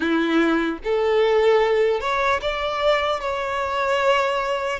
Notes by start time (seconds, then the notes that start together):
0.00 E4
0.84 A4
2.00 C#5
2.41 D5
3.20 C#5